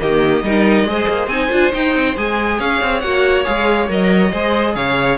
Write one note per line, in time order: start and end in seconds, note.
0.00 0.43 D#3
0.00 0.43 A#3
0.00 0.45 G4
0.00 1.28 D#5
0.43 0.84 G3
0.43 0.87 D#4
0.43 0.88 A#4
0.84 1.06 G#3
0.84 1.30 G#4
0.84 2.58 C5
1.09 1.27 A#3
1.27 1.49 C4
1.27 1.51 D#4
1.27 1.71 G#5
1.51 1.73 D4
1.51 1.72 F4
1.72 2.16 D#4
1.72 1.95 D#4
1.72 2.17 G5
1.95 2.17 C4
2.17 2.60 G#3
2.17 3.03 G#4
2.17 2.60 G#5
2.58 2.82 C#4
2.58 4.31 C#5
2.58 3.00 F5
2.82 3.03 C4
3.00 3.46 A#3
3.00 3.45 F#4
3.00 3.43 F#5
3.45 3.89 G#3
3.45 3.88 G#4
3.45 3.88 F5
3.89 4.32 F#3
3.89 4.32 A#4
3.89 4.75 D#5
4.31 4.76 G#3
4.31 5.18 G#4
4.31 4.74 C5
4.75 5.18 C#3
4.75 5.18 C#5
4.75 5.18 F5